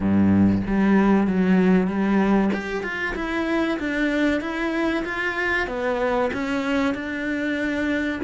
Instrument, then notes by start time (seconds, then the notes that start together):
cello
0.00 G2
0.66 G3
1.27 F#3
1.87 G3
2.53 G4
2.82 F4
3.15 E4
3.79 D4
4.40 E4
5.04 F4
5.67 B3
6.33 C#4
6.94 D4